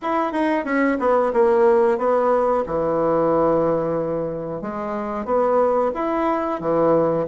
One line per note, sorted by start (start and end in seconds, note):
0.02 0.32 E4
0.32 0.64 D#4
0.64 0.97 C#4
0.99 1.32 B3
1.33 1.98 A#3
1.98 2.63 B3
2.66 4.61 E3
4.61 5.25 G#3
5.25 5.91 B3
5.94 6.60 E4
6.60 7.26 E3